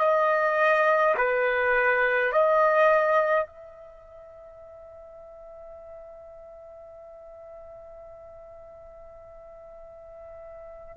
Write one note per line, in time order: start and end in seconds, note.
0.00 1.15 D#5
1.17 2.33 B4
2.33 3.47 D#5
3.47 10.97 E5